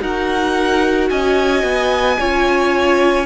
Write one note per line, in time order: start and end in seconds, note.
0.00 1.10 D#4
0.00 2.18 F#4
0.00 1.09 A#4
0.00 1.10 F#5
1.10 1.63 C#4
1.10 2.19 D#5
1.10 3.26 G#5
1.63 2.17 B3
2.19 3.26 C#4
2.19 3.26 F4
2.19 3.26 C#5